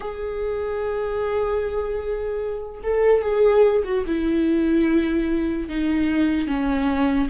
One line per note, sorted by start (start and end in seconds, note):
0.00 2.81 G#4
2.83 3.21 A4
3.21 3.82 G#4
3.84 4.04 F#4
4.06 5.68 E4
5.69 6.47 D#4
6.47 7.28 C#4